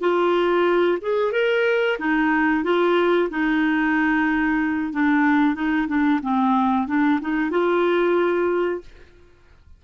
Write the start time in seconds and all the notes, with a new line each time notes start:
0.00 F4
1.01 G#4
1.32 A#4
1.99 D#4
2.64 F4
3.30 D#4
4.93 D4
5.54 D#4
5.87 D4
6.22 C4
6.87 D4
7.20 D#4
7.50 F4